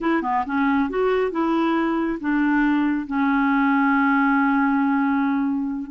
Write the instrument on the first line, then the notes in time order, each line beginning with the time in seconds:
clarinet
0.00 E4
0.22 B3
0.45 C#4
0.89 F#4
1.31 E4
2.20 D4
3.06 C#4